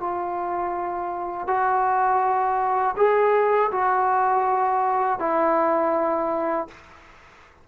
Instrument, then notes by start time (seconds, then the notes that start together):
trombone
0.00 F4
1.47 F#4
2.97 G#4
3.72 F#4
5.19 E4